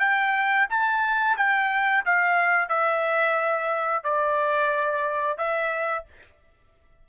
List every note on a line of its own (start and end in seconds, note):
0.00 0.67 G5
0.70 1.37 A5
1.37 2.04 G5
2.06 2.69 F5
2.69 4.04 E5
4.04 5.38 D5
5.38 6.05 E5